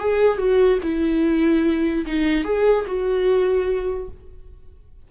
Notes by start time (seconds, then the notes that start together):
0.00 G#4
0.39 F#4
0.83 E4
2.07 D#4
2.45 G#4
2.87 F#4